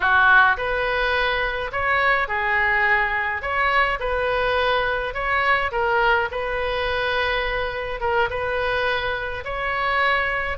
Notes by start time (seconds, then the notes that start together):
0.00 F#4
0.57 B4
1.72 C#5
2.28 G#4
3.41 C#5
3.99 B4
5.14 C#5
5.71 A#4
6.31 B4
8.00 A#4
8.29 B4
9.44 C#5